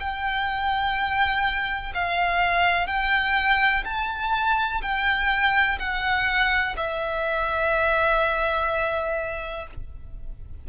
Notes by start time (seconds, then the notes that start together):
0.00 G5
1.94 F5
2.87 G5
3.85 A5
4.82 G5
5.79 F#5
6.77 E5